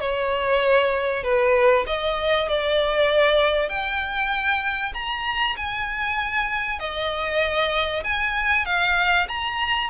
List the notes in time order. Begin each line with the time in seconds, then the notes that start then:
0.00 C#5
1.23 B4
1.86 D#5
2.48 D5
3.69 G5
4.94 A#5
5.56 G#5
6.79 D#5
8.04 G#5
8.65 F5
9.28 A#5